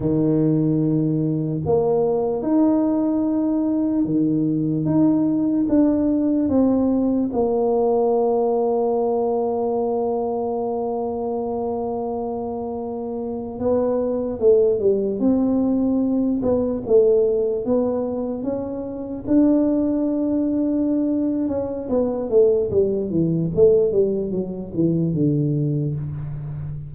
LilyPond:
\new Staff \with { instrumentName = "tuba" } { \time 4/4 \tempo 4 = 74 dis2 ais4 dis'4~ | dis'4 dis4 dis'4 d'4 | c'4 ais2.~ | ais1~ |
ais8. b4 a8 g8 c'4~ c'16~ | c'16 b8 a4 b4 cis'4 d'16~ | d'2~ d'8 cis'8 b8 a8 | g8 e8 a8 g8 fis8 e8 d4 | }